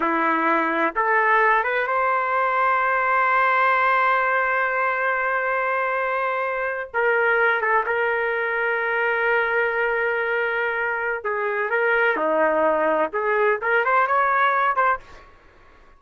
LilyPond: \new Staff \with { instrumentName = "trumpet" } { \time 4/4 \tempo 4 = 128 e'2 a'4. b'8 | c''1~ | c''1~ | c''2~ c''8. ais'4~ ais'16~ |
ais'16 a'8 ais'2.~ ais'16~ | ais'1 | gis'4 ais'4 dis'2 | gis'4 ais'8 c''8 cis''4. c''8 | }